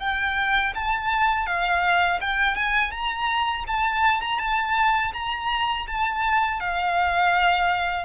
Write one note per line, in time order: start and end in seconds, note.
0.00 0.73 G5
0.75 1.46 A5
1.46 2.20 F5
2.21 2.55 G5
2.55 2.91 G#5
2.91 3.65 A#5
3.67 4.21 A5
4.21 4.39 A#5
4.39 5.12 A5
5.13 5.86 A#5
5.87 6.60 A5
6.60 8.05 F5